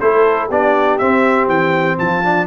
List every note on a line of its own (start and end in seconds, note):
0.00 0.50 A3
0.00 0.51 E4
0.00 0.48 A4
0.00 0.50 C5
0.48 1.00 B3
0.48 1.01 D4
0.48 1.97 G4
0.48 0.99 D5
0.99 2.24 C4
0.99 1.48 C4
0.99 1.48 E5
1.48 1.98 E3
1.48 1.99 G5
1.98 2.47 F3
1.98 2.47 F4
1.98 2.47 A5
2.24 2.47 D4